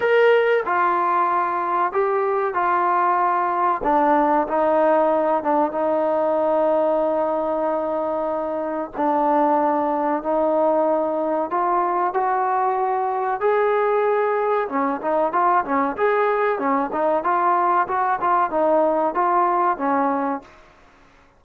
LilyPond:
\new Staff \with { instrumentName = "trombone" } { \time 4/4 \tempo 4 = 94 ais'4 f'2 g'4 | f'2 d'4 dis'4~ | dis'8 d'8 dis'2.~ | dis'2 d'2 |
dis'2 f'4 fis'4~ | fis'4 gis'2 cis'8 dis'8 | f'8 cis'8 gis'4 cis'8 dis'8 f'4 | fis'8 f'8 dis'4 f'4 cis'4 | }